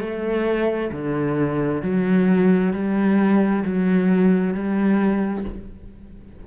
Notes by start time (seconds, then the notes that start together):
0.00 A3
0.92 D3
1.82 F#3
2.73 G3
3.64 F#3
4.54 G3